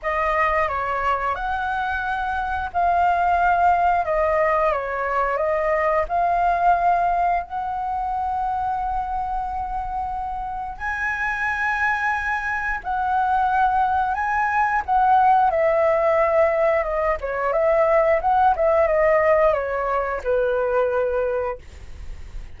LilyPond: \new Staff \with { instrumentName = "flute" } { \time 4/4 \tempo 4 = 89 dis''4 cis''4 fis''2 | f''2 dis''4 cis''4 | dis''4 f''2 fis''4~ | fis''1 |
gis''2. fis''4~ | fis''4 gis''4 fis''4 e''4~ | e''4 dis''8 cis''8 e''4 fis''8 e''8 | dis''4 cis''4 b'2 | }